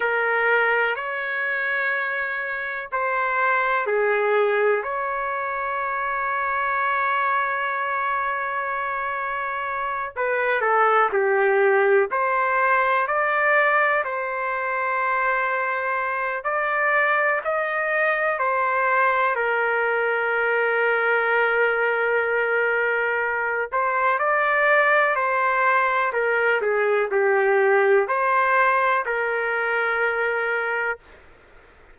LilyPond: \new Staff \with { instrumentName = "trumpet" } { \time 4/4 \tempo 4 = 62 ais'4 cis''2 c''4 | gis'4 cis''2.~ | cis''2~ cis''8 b'8 a'8 g'8~ | g'8 c''4 d''4 c''4.~ |
c''4 d''4 dis''4 c''4 | ais'1~ | ais'8 c''8 d''4 c''4 ais'8 gis'8 | g'4 c''4 ais'2 | }